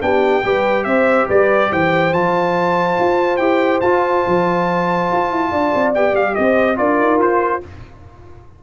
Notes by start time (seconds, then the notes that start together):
0.00 B3 D4 G4 G5
0.43 G3 G4 B4
0.84 C4 C5 E5
1.28 G3 B4 D5
1.70 E3 C5 G5
2.12 F3 F4 A5
2.99 F4
3.36 E4 G4 G5
3.80 F4 A5
4.26 F3
5.12 F4
5.30 E4
5.51 D4 D5
5.74 C4
5.94 B3 G4 G5
6.13 G3 F5
6.34 C4 C5 D#5
6.75 D4 F4 A#4 D5
6.99 D#4
7.18 F4 C5